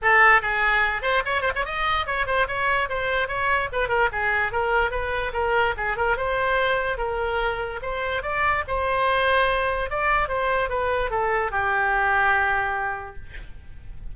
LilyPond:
\new Staff \with { instrumentName = "oboe" } { \time 4/4 \tempo 4 = 146 a'4 gis'4. c''8 cis''8 c''16 cis''16 | dis''4 cis''8 c''8 cis''4 c''4 | cis''4 b'8 ais'8 gis'4 ais'4 | b'4 ais'4 gis'8 ais'8 c''4~ |
c''4 ais'2 c''4 | d''4 c''2. | d''4 c''4 b'4 a'4 | g'1 | }